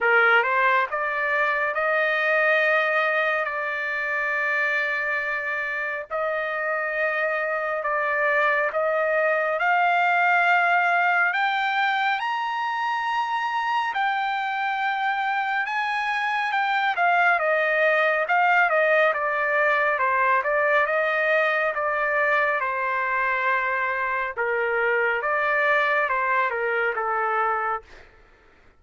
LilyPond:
\new Staff \with { instrumentName = "trumpet" } { \time 4/4 \tempo 4 = 69 ais'8 c''8 d''4 dis''2 | d''2. dis''4~ | dis''4 d''4 dis''4 f''4~ | f''4 g''4 ais''2 |
g''2 gis''4 g''8 f''8 | dis''4 f''8 dis''8 d''4 c''8 d''8 | dis''4 d''4 c''2 | ais'4 d''4 c''8 ais'8 a'4 | }